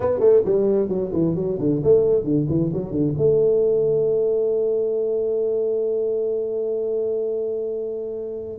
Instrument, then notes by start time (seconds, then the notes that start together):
tuba
0.00 B3
0.19 A3
0.45 G3
0.88 F#3
1.13 E3
1.35 F#3
1.59 D3
1.83 A3
2.24 D3
2.49 E3
2.73 F#3
2.91 D3
3.17 A3